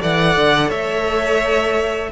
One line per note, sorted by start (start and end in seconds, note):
0.00 0.36 E3
0.00 2.12 A4
0.00 0.69 D5
0.00 0.71 F#5
0.36 0.71 D3
0.69 2.12 A3
0.69 2.10 C#5
0.69 2.12 E5